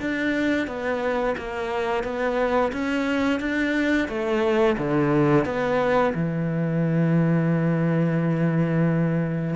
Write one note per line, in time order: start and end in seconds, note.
0.00 0.67 D4
0.67 1.35 B3
1.37 2.03 A#3
2.03 2.71 B3
2.72 3.39 C#4
3.39 4.08 D4
4.08 4.76 A3
4.77 5.45 D3
5.45 6.13 B3
6.14 9.55 E3